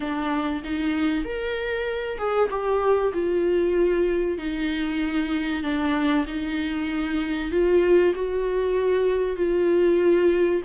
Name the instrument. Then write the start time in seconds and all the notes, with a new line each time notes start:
viola
0.00 D4
0.64 D#4
1.24 A#4
2.18 G#4
2.49 G4
3.12 F4
4.38 D#4
5.62 D4
6.26 D#4
7.51 F4
8.14 F#4
9.36 F4